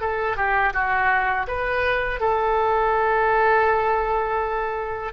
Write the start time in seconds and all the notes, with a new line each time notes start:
0.00 A4
0.36 G4
0.73 F#4
1.47 B4
2.20 A4